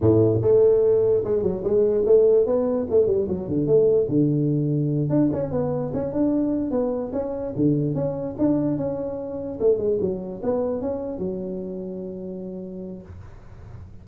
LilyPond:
\new Staff \with { instrumentName = "tuba" } { \time 4/4 \tempo 4 = 147 a,4 a2 gis8 fis8 | gis4 a4 b4 a8 g8 | fis8 d8 a4 d2~ | d8 d'8 cis'8 b4 cis'8 d'4~ |
d'8 b4 cis'4 d4 cis'8~ | cis'8 d'4 cis'2 a8 | gis8 fis4 b4 cis'4 fis8~ | fis1 | }